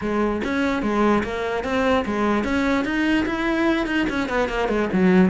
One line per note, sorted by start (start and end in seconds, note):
0.01 0.42 G#3
0.44 0.82 C#4
0.82 1.23 G#3
1.23 1.64 A#3
1.64 2.04 C4
2.05 2.43 G#3
2.43 2.84 C#4
2.84 3.25 D#4
3.26 3.86 E4
3.86 4.06 D#4
4.09 4.29 C#4
4.29 4.48 B3
4.48 4.68 A#3
4.68 4.88 G#3
4.92 5.30 F#3